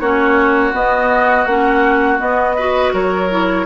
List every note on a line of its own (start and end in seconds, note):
0.00 0.73 A#3
0.00 0.72 C#4
0.00 2.56 F#4
0.00 0.73 C#5
0.72 1.45 B3
0.72 1.46 B3
0.72 1.45 D#5
1.45 2.19 A#3
1.45 2.18 C#4
1.45 2.18 F#5
2.18 2.55 B3
2.18 2.93 B3
2.18 2.93 D#5
2.56 3.30 F#4
2.56 2.93 B4
2.93 3.66 F#3
2.93 3.66 A#4
2.93 3.66 C#5
3.30 3.66 E4